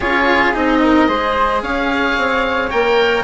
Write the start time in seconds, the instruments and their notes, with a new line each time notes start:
0.00 bassoon C#4, cello F4, flute G#4, oboe C#5
0.53 bassoon C4, cello D#4, oboe D#5
0.81 flute A#4
1.07 bassoon G#3, cello G#4, flute C5
1.62 bassoon C#4, flute C#5, oboe F5
2.17 bassoon C4
2.70 bassoon A#3, cello A#4, oboe G5